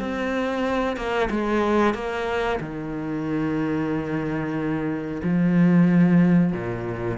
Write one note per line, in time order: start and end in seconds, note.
0.00 0.97 C4
0.97 1.29 A#3
1.30 1.94 G#3
1.94 2.60 A#3
2.61 5.21 D#3
5.24 6.53 F3
6.53 7.18 A#2